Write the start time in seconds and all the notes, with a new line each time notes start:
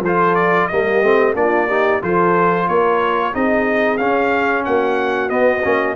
0.00 F3 A4 C5
0.06 F4
0.34 D5
0.67 G3 A#3 G4 D#5
1.02 A3 C4
1.34 A#3 D4 F4 D5
1.68 D#4 G4
2.01 F3 F4 A4 C5
2.66 A#3 A#4 C#5
3.33 C4 D#4 G#4 D#5
3.97 C#4 F5
4.65 A#3 F#4 F#5
5.29 B3 D#5
5.63 A#3 C#4